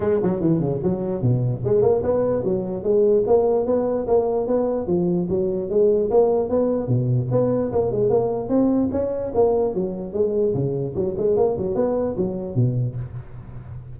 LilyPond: \new Staff \with { instrumentName = "tuba" } { \time 4/4 \tempo 4 = 148 gis8 fis8 e8 cis8 fis4 b,4 | gis8 ais8 b4 fis4 gis4 | ais4 b4 ais4 b4 | f4 fis4 gis4 ais4 |
b4 b,4 b4 ais8 gis8 | ais4 c'4 cis'4 ais4 | fis4 gis4 cis4 fis8 gis8 | ais8 fis8 b4 fis4 b,4 | }